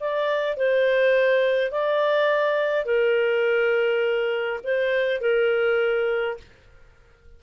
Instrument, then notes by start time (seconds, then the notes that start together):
clarinet
0.00 D5
0.57 C5
1.71 D5
2.85 A#4
4.64 C5
5.21 A#4